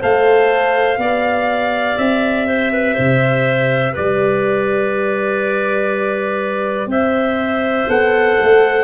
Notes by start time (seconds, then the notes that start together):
0.00 A3 A4 C5 F5
0.97 B3 G4 D5
1.98 C4 E5
2.47 C5
2.72 B4
2.93 C3 C5
3.93 G3 B4 D5
6.86 C4 C5 E5
7.88 B3 A4 F#5
8.41 A3